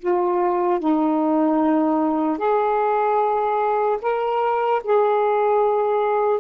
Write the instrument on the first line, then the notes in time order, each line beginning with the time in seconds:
saxophone
0.00 F4
0.80 D#4
2.38 G#4
4.02 A#4
4.84 G#4